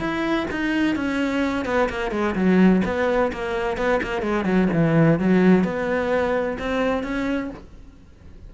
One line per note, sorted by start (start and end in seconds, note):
0.00 0.47 E4
0.51 0.96 D#4
0.96 1.66 C#4
1.66 1.89 B3
1.90 2.12 A#3
2.12 2.35 G#3
2.35 2.82 F#3
2.85 3.32 B3
3.33 3.77 A#3
3.77 4.01 B3
4.03 4.22 A#3
4.22 4.45 G#3
4.45 4.69 F#3
4.74 5.20 E3
5.20 5.64 F#3
5.64 6.58 B3
6.59 7.04 C4
7.04 7.50 C#4